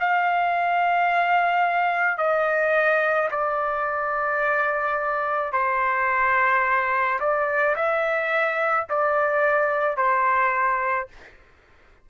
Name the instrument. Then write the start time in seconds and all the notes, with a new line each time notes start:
trumpet
0.00 F5
2.18 D#5
3.31 D5
5.53 C5
7.20 D5
7.76 E5
8.89 D5
9.97 C5